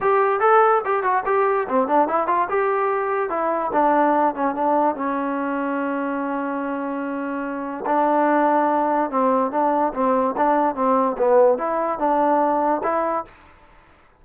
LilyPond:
\new Staff \with { instrumentName = "trombone" } { \time 4/4 \tempo 4 = 145 g'4 a'4 g'8 fis'8 g'4 | c'8 d'8 e'8 f'8 g'2 | e'4 d'4. cis'8 d'4 | cis'1~ |
cis'2. d'4~ | d'2 c'4 d'4 | c'4 d'4 c'4 b4 | e'4 d'2 e'4 | }